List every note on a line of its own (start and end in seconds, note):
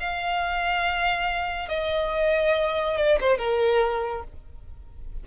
0.00 1.69 F5
1.69 2.98 D#5
2.98 3.19 D5
3.21 3.38 C5
3.38 4.24 A#4